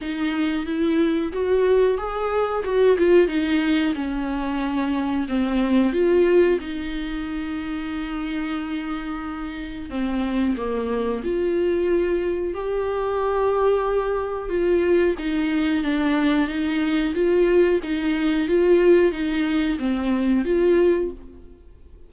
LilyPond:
\new Staff \with { instrumentName = "viola" } { \time 4/4 \tempo 4 = 91 dis'4 e'4 fis'4 gis'4 | fis'8 f'8 dis'4 cis'2 | c'4 f'4 dis'2~ | dis'2. c'4 |
ais4 f'2 g'4~ | g'2 f'4 dis'4 | d'4 dis'4 f'4 dis'4 | f'4 dis'4 c'4 f'4 | }